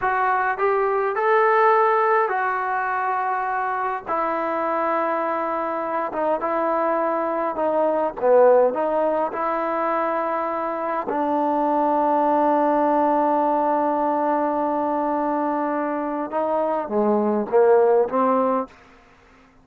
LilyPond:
\new Staff \with { instrumentName = "trombone" } { \time 4/4 \tempo 4 = 103 fis'4 g'4 a'2 | fis'2. e'4~ | e'2~ e'8 dis'8 e'4~ | e'4 dis'4 b4 dis'4 |
e'2. d'4~ | d'1~ | d'1 | dis'4 gis4 ais4 c'4 | }